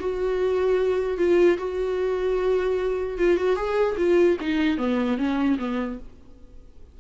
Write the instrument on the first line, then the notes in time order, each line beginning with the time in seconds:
viola
0.00 F#4
1.18 F4
1.58 F#4
3.19 F4
3.37 F#4
3.56 G#4
3.98 F4
4.41 D#4
4.78 B3
5.18 C#4
5.59 B3